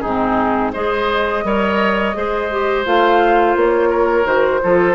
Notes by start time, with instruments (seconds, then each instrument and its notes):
0.00 bassoon G#2, clarinet C4, oboe D#4, flute G#4
0.73 bassoon G#3, clarinet G#4, oboe C5, flute D#5
1.44 bassoon G3, clarinet A#4, oboe C#5
2.14 bassoon G#3, clarinet G#4, oboe C5
2.51 clarinet G4
2.85 bassoon A3, clarinet F4, flute F5
3.55 bassoon A#3, flute C#5
3.89 oboe A#4
4.24 bassoon D#3, clarinet F#4, flute C5
4.62 bassoon F3, clarinet F4, oboe A4